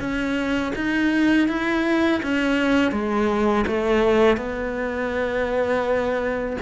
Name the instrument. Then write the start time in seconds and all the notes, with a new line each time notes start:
cello
0.00 C#4
0.76 D#4
1.49 E4
2.23 C#4
2.92 G#3
3.67 A3
4.37 B3